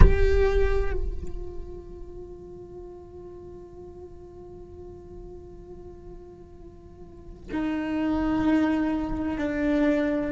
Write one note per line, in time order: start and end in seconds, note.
0.00 0.93 G4
0.93 7.49 F4
7.51 9.37 D#4
9.37 10.31 D4